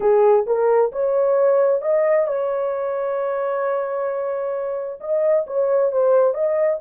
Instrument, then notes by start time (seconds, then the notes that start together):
horn
0.00 G#4
0.46 A#4
0.92 C#5
1.81 D#5
2.27 C#5
5.00 D#5
5.46 C#5
5.92 C5
6.34 D#5